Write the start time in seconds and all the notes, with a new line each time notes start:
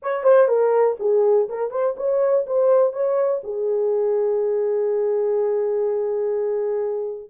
0.02 C#5
0.23 C5
0.48 A#4
0.99 G#4
1.49 A#4
1.71 C5
1.96 C#5
2.46 C5
2.92 C#5
3.43 G#4